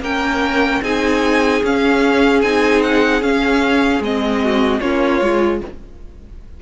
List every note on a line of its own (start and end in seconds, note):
0.00 0.80 A#3
0.00 0.82 C#4
0.00 0.82 A#4
0.00 0.83 G5
0.82 1.62 C4
0.82 1.62 D#4
0.82 4.42 G#4
0.82 1.63 G#5
1.62 2.42 C#4
1.62 2.44 C#4
1.62 2.41 F5
2.41 3.21 C4
2.41 3.21 D#4
2.41 2.81 G#5
2.82 3.22 F#5
3.21 4.01 C#4
3.21 3.99 C#4
3.21 4.02 F5
3.99 4.79 G#3
3.99 4.81 C4
3.99 4.80 D#5
4.43 4.81 F#4
4.80 5.21 A#3
4.80 5.21 C#4
4.80 5.61 F4
4.80 5.60 C#5
5.21 5.61 G#3
5.21 5.62 F4